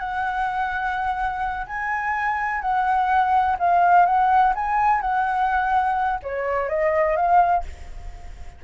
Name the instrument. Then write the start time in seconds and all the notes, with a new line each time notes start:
flute
0.00 F#5
1.67 G#5
2.62 F#5
3.60 F5
4.06 F#5
4.55 G#5
5.01 F#5
6.23 C#5
6.69 D#5
7.16 F5